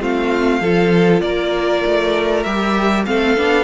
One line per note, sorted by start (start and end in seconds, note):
0.00 0.60 A3
0.00 0.61 C4
0.00 0.61 F4
0.00 1.21 F5
0.60 1.21 F3
0.60 2.45 F4
0.60 1.22 A4
1.21 1.83 A#3
1.21 3.06 A#4
1.21 2.43 D5
1.85 2.45 A3
2.43 3.06 G3
2.43 3.05 G4
2.43 3.04 E5
3.05 3.37 A3
3.05 3.36 C4
3.05 3.64 A4
3.05 3.64 F5
3.36 3.64 B3
3.36 3.64 D4